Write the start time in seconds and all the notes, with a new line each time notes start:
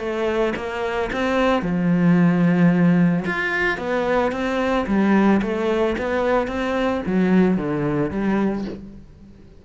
0.00 A3
0.57 A#3
1.13 C4
1.63 F3
3.26 F4
3.78 B3
4.32 C4
4.87 G3
5.43 A3
5.98 B3
6.48 C4
7.07 F#3
7.57 D3
8.11 G3